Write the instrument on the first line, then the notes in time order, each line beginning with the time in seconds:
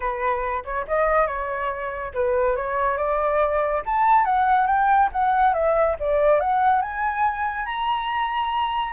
flute
0.00 B4
0.64 C#5
0.87 D#5
1.27 C#5
2.14 B4
2.56 C#5
2.97 D5
3.85 A5
4.24 F#5
4.66 G5
5.12 F#5
5.53 E5
5.99 D5
6.40 F#5
6.81 G#5
7.65 A#5